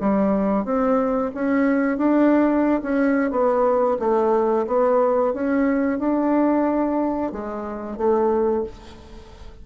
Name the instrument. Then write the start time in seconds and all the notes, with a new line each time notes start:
bassoon
0.00 G3
0.64 C4
1.34 C#4
1.97 D4
2.82 C#4
3.31 B3
3.99 A3
4.67 B3
5.34 C#4
5.98 D4
7.32 G#3
7.97 A3